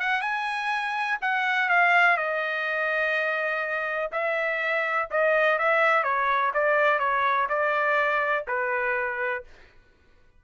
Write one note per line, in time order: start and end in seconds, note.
0.00 0.21 F#5
0.21 1.18 G#5
1.21 1.69 F#5
1.69 2.17 F5
2.17 4.11 D#5
4.12 5.08 E5
5.11 5.59 D#5
5.59 6.03 E5
6.03 6.52 C#5
6.54 6.99 D5
6.99 7.47 C#5
7.49 8.46 D5
8.47 9.44 B4